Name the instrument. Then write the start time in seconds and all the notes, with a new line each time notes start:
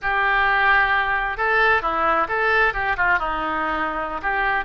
oboe
0.02 G4
1.37 A4
1.81 E4
2.28 A4
2.73 G4
2.96 F4
3.18 D#4
4.21 G4